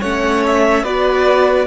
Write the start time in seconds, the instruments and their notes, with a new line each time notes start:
0.00 cello A3, viola C#4, violin C#5 F#5
0.46 violin E5
0.83 cello B3, viola F#4, violin B4 D5